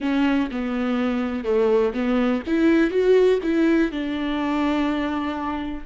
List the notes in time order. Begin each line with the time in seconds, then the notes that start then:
0.00 C#4
0.51 B3
1.44 A3
1.93 B3
2.46 E4
2.90 F#4
3.43 E4
3.91 D4